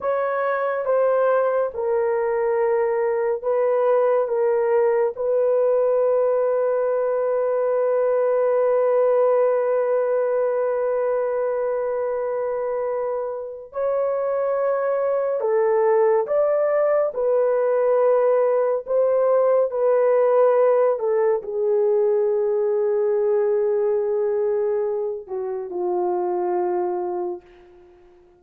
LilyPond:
\new Staff \with { instrumentName = "horn" } { \time 4/4 \tempo 4 = 70 cis''4 c''4 ais'2 | b'4 ais'4 b'2~ | b'1~ | b'1 |
cis''2 a'4 d''4 | b'2 c''4 b'4~ | b'8 a'8 gis'2.~ | gis'4. fis'8 f'2 | }